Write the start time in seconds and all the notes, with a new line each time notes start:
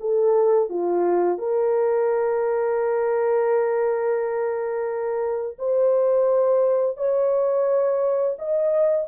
0.00 A4
0.69 F4
1.38 A#4
5.58 C5
6.97 C#5
8.38 D#5